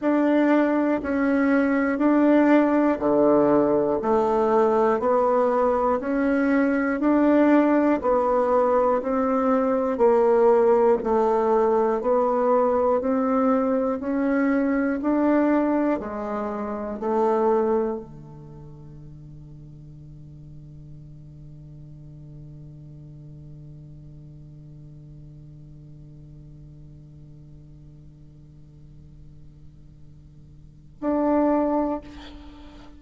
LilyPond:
\new Staff \with { instrumentName = "bassoon" } { \time 4/4 \tempo 4 = 60 d'4 cis'4 d'4 d4 | a4 b4 cis'4 d'4 | b4 c'4 ais4 a4 | b4 c'4 cis'4 d'4 |
gis4 a4 d2~ | d1~ | d1~ | d2. d'4 | }